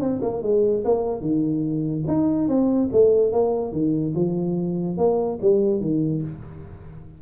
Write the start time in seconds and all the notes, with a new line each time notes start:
0.00 C4
0.21 A#3
0.42 G#3
0.84 A#3
1.21 D#3
2.07 D#4
2.48 C4
2.92 A3
3.32 A#3
3.72 D#3
4.15 F3
4.97 A#3
5.41 G3
5.80 D#3